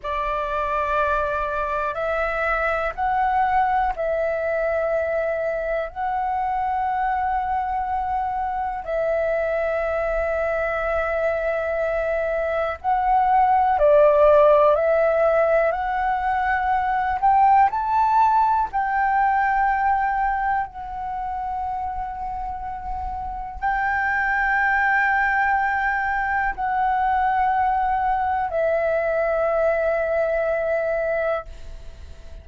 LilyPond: \new Staff \with { instrumentName = "flute" } { \time 4/4 \tempo 4 = 61 d''2 e''4 fis''4 | e''2 fis''2~ | fis''4 e''2.~ | e''4 fis''4 d''4 e''4 |
fis''4. g''8 a''4 g''4~ | g''4 fis''2. | g''2. fis''4~ | fis''4 e''2. | }